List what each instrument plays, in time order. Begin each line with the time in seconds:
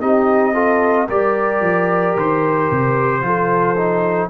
0.00 tuba C4, trombone D#4, horn G4, trumpet D#5
0.53 trombone F4, horn A4
1.06 tuba G3, trombone G4, horn A#4, trumpet D5
1.60 tuba F3
2.16 tuba D#3, trumpet C5
2.70 tuba C3
3.21 tuba F3, trombone F4, horn A4
3.76 trombone D#4